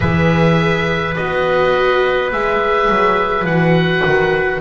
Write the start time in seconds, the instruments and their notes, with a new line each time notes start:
0.00 double bass E3, viola G#4, trumpet B4, oboe E5
1.16 double bass B3, viola F#4, oboe D#5
2.31 double bass G#3, viola G#4, oboe E5
2.88 double bass F#3
3.44 double bass E3, viola F#4, oboe F#5
4.05 double bass D#3